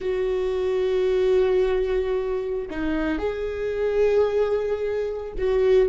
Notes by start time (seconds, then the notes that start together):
0.00 F#4
2.70 D#4
3.18 G#4
5.38 F#4